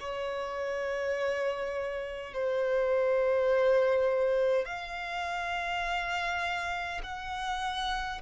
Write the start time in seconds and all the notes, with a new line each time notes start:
0.00 C#5
2.34 C5
4.66 F5
7.04 F#5